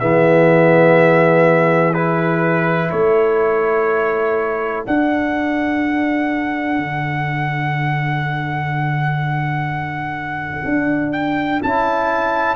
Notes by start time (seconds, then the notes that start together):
0.00 E3 B3 G#4 E5
1.93 E4 B4
2.91 A3 A4 C#5
4.86 D4 F#5
6.78 D3
10.64 D4
11.12 G5
11.63 C#4 E4 A5